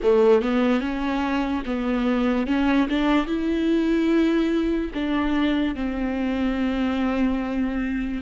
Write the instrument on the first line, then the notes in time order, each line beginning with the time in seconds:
viola
0.03 A3
0.41 B3
0.80 C#4
1.65 B3
2.47 C#4
2.89 D4
3.26 E4
4.94 D4
5.75 C4